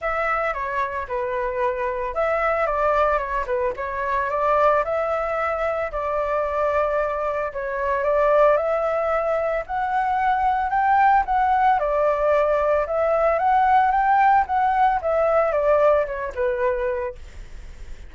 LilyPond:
\new Staff \with { instrumentName = "flute" } { \time 4/4 \tempo 4 = 112 e''4 cis''4 b'2 | e''4 d''4 cis''8 b'8 cis''4 | d''4 e''2 d''4~ | d''2 cis''4 d''4 |
e''2 fis''2 | g''4 fis''4 d''2 | e''4 fis''4 g''4 fis''4 | e''4 d''4 cis''8 b'4. | }